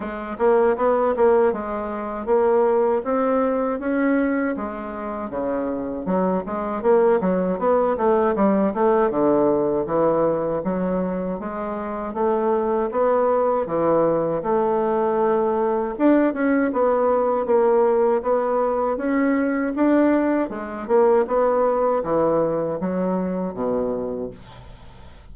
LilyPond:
\new Staff \with { instrumentName = "bassoon" } { \time 4/4 \tempo 4 = 79 gis8 ais8 b8 ais8 gis4 ais4 | c'4 cis'4 gis4 cis4 | fis8 gis8 ais8 fis8 b8 a8 g8 a8 | d4 e4 fis4 gis4 |
a4 b4 e4 a4~ | a4 d'8 cis'8 b4 ais4 | b4 cis'4 d'4 gis8 ais8 | b4 e4 fis4 b,4 | }